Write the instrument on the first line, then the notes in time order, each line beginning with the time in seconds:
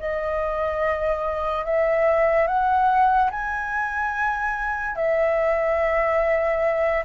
flute
0.00 D#5
1.66 E5
2.47 F#5
3.31 G#5
4.96 E5